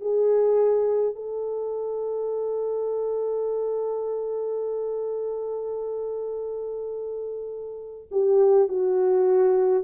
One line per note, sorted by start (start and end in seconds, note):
0.00 1.15 G#4
1.15 8.07 A4
8.11 8.69 G4
8.69 9.83 F#4